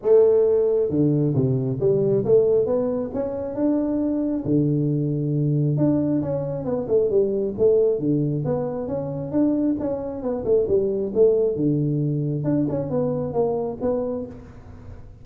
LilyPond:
\new Staff \with { instrumentName = "tuba" } { \time 4/4 \tempo 4 = 135 a2 d4 c4 | g4 a4 b4 cis'4 | d'2 d2~ | d4 d'4 cis'4 b8 a8 |
g4 a4 d4 b4 | cis'4 d'4 cis'4 b8 a8 | g4 a4 d2 | d'8 cis'8 b4 ais4 b4 | }